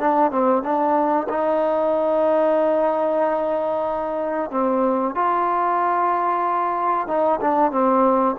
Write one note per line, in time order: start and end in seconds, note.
0.00 0.32 D4
0.32 0.63 C4
0.63 1.28 D4
1.30 4.51 D#4
4.51 5.16 C4
5.16 7.08 F4
7.08 7.40 D#4
7.42 7.72 D4
7.72 8.36 C4